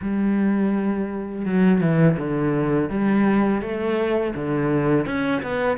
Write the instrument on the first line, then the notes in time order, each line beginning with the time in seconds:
cello
0.01 G3
1.45 F#3
1.80 E3
2.17 D3
2.89 G3
3.61 A3
4.35 D3
5.06 C#4
5.42 B3